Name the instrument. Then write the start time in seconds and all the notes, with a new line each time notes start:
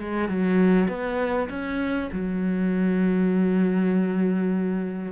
cello
0.00 G#3
0.29 F#3
0.88 B3
1.50 C#4
2.12 F#3